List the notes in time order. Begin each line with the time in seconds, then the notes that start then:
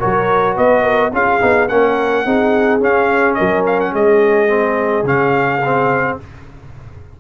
0.00 F#3 F#4 A#4 C#5
0.55 B3 B4 D#5
0.83 A#4
1.13 C#4 F4 G#4 F5
1.41 B3 D#4
1.69 A#3 C#4 A#4 F#5
2.26 C4 D#4 G#4
2.80 C#4 F5
3.35 F#3 A#4 D#5
3.66 F5
3.81 F#5
3.93 G#3 G#4 D#5
4.48 C4
5.03 C#3 C#4 F5
5.64 C4